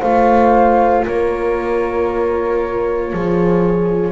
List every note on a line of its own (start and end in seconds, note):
0.00 1.06 A3
0.00 4.12 F4
0.00 1.03 C5
0.00 1.05 F5
1.04 3.13 A#3
1.04 3.11 A#4
1.04 4.12 C#5
3.12 4.12 F3
3.12 4.12 G#4